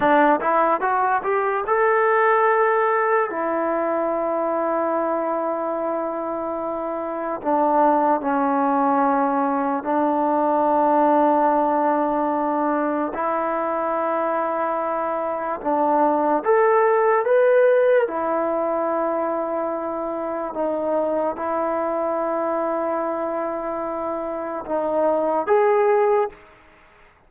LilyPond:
\new Staff \with { instrumentName = "trombone" } { \time 4/4 \tempo 4 = 73 d'8 e'8 fis'8 g'8 a'2 | e'1~ | e'4 d'4 cis'2 | d'1 |
e'2. d'4 | a'4 b'4 e'2~ | e'4 dis'4 e'2~ | e'2 dis'4 gis'4 | }